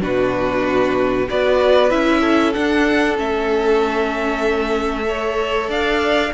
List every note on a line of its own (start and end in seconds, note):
0.00 1.28 B2
0.00 1.26 D4
0.00 1.28 F#4
0.00 1.28 B4
1.27 1.91 B3
1.27 1.90 F#4
1.27 2.20 B4
1.27 1.90 D5
1.90 2.54 C#4
1.90 2.53 E4
1.90 2.53 E5
2.20 5.05 A4
2.53 3.16 D4
2.53 3.18 D4
2.53 3.16 F#5
3.16 5.68 A3
3.16 5.03 C#4
3.16 5.70 E5
5.03 6.29 A4
5.03 5.69 C#5
5.68 6.31 D4
5.68 6.32 D5
5.68 6.33 F5